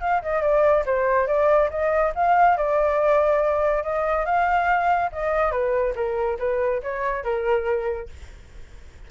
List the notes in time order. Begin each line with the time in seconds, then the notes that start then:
0.00 F5
0.22 D#5
0.41 D5
0.85 C5
1.27 D5
1.70 D#5
2.15 F5
2.57 D5
3.83 D#5
4.25 F5
5.12 D#5
5.51 B4
5.95 A#4
6.39 B4
6.82 C#5
7.24 A#4